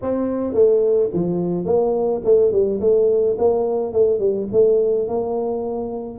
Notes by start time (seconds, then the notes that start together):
0.02 C4
0.53 A3
1.13 F3
1.65 A#3
2.24 A3
2.52 G3
2.80 A3
3.38 A#3
3.93 A3
4.19 G3
4.52 A3
5.07 A#3